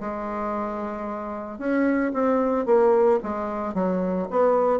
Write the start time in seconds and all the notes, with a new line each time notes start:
0.00 G#3
1.58 C#4
2.13 C4
2.65 A#3
3.23 G#3
3.74 F#3
4.30 B3